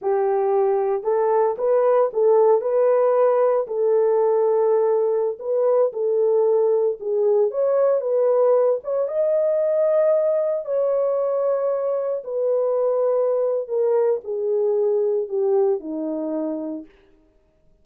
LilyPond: \new Staff \with { instrumentName = "horn" } { \time 4/4 \tempo 4 = 114 g'2 a'4 b'4 | a'4 b'2 a'4~ | a'2~ a'16 b'4 a'8.~ | a'4~ a'16 gis'4 cis''4 b'8.~ |
b'8. cis''8 dis''2~ dis''8.~ | dis''16 cis''2. b'8.~ | b'2 ais'4 gis'4~ | gis'4 g'4 dis'2 | }